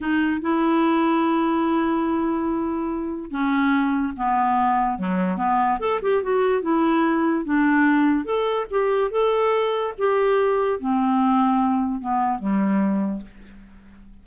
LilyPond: \new Staff \with { instrumentName = "clarinet" } { \time 4/4 \tempo 4 = 145 dis'4 e'2.~ | e'1 | cis'2 b2 | fis4 b4 a'8 g'8 fis'4 |
e'2 d'2 | a'4 g'4 a'2 | g'2 c'2~ | c'4 b4 g2 | }